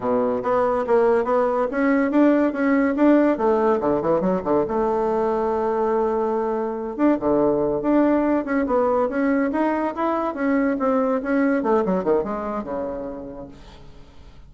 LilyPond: \new Staff \with { instrumentName = "bassoon" } { \time 4/4 \tempo 4 = 142 b,4 b4 ais4 b4 | cis'4 d'4 cis'4 d'4 | a4 d8 e8 fis8 d8 a4~ | a1~ |
a8 d'8 d4. d'4. | cis'8 b4 cis'4 dis'4 e'8~ | e'8 cis'4 c'4 cis'4 a8 | fis8 dis8 gis4 cis2 | }